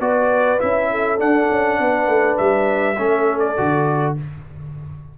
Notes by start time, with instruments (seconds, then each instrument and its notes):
0.00 tuba B3, trombone F#4, horn B4, trumpet D5
0.58 tuba C#4, trombone E4, trumpet E5
0.91 horn A4
1.18 trombone D4, tuba D4, trumpet F#5
1.50 tuba C#4
1.79 tuba B3, horn B4
2.07 tuba A3
2.37 tuba G3, trumpet E5
2.98 tuba A3, trombone C#4, horn A4
3.39 trumpet D5
3.57 tuba D3, trombone F#4